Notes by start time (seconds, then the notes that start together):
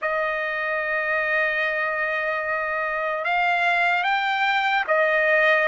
0.01 D#5
3.24 F5
4.03 G5
4.87 D#5